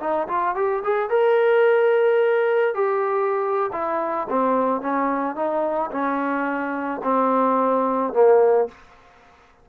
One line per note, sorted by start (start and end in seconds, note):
0.00 0.28 D#4
0.28 0.55 F4
0.55 0.83 G4
0.84 1.10 G#4
1.10 2.75 A#4
2.75 3.71 G4
3.73 4.28 E4
4.30 4.81 C4
4.81 5.36 C#4
5.36 5.91 D#4
5.91 7.01 C#4
7.04 8.13 C4
8.13 8.68 A#3